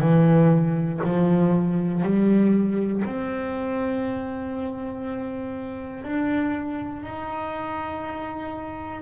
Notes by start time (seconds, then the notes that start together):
0.00 E3
1.04 F3
2.03 G3
3.05 C4
6.03 D4
7.04 D#4